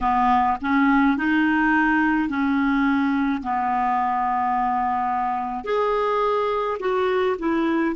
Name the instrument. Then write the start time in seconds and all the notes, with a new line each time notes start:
clarinet
0.01 B3
0.61 C#4
1.17 D#4
2.28 C#4
3.42 B3
5.64 G#4
6.79 F#4
7.38 E4